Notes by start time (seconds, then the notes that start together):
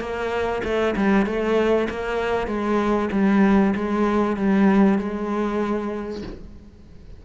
0.00 A#3
0.64 A3
0.96 G3
1.26 A3
1.90 A#3
2.47 G#3
3.12 G3
3.75 G#3
4.36 G3
4.98 G#3